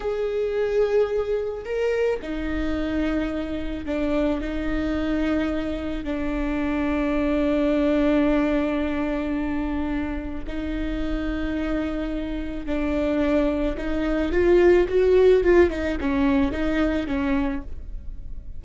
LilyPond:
\new Staff \with { instrumentName = "viola" } { \time 4/4 \tempo 4 = 109 gis'2. ais'4 | dis'2. d'4 | dis'2. d'4~ | d'1~ |
d'2. dis'4~ | dis'2. d'4~ | d'4 dis'4 f'4 fis'4 | f'8 dis'8 cis'4 dis'4 cis'4 | }